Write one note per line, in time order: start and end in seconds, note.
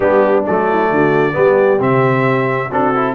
0.00 0.45 G3
0.00 0.43 B3
0.00 0.67 D4
0.00 0.44 G4
0.46 0.91 F#3
0.46 1.32 A3
0.46 1.81 D5
0.69 0.92 E4
0.91 1.36 D3
0.91 1.34 F#4
1.32 1.80 G3
1.32 1.78 B3
1.32 2.69 G4
1.80 2.70 C3
1.80 2.70 C4
1.80 2.72 E5
2.69 3.14 C4
2.69 2.94 D4
2.69 3.14 F#4
2.69 3.14 A4
2.95 3.14 E4